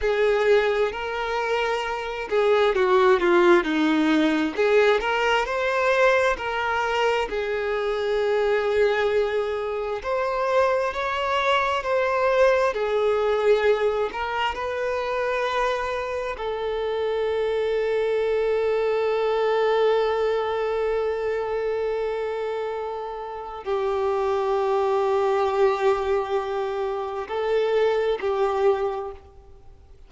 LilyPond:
\new Staff \with { instrumentName = "violin" } { \time 4/4 \tempo 4 = 66 gis'4 ais'4. gis'8 fis'8 f'8 | dis'4 gis'8 ais'8 c''4 ais'4 | gis'2. c''4 | cis''4 c''4 gis'4. ais'8 |
b'2 a'2~ | a'1~ | a'2 g'2~ | g'2 a'4 g'4 | }